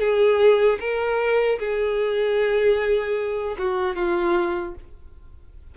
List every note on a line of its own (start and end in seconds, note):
0.00 0.79 G#4
0.80 1.59 A#4
1.59 3.56 G#4
3.58 3.96 F#4
3.96 4.75 F4